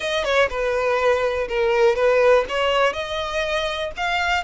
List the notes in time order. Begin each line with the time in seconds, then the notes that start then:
0.00 D#5
0.24 C#5
0.49 B4
1.48 A#4
1.95 B4
2.48 C#5
2.93 D#5
3.97 F5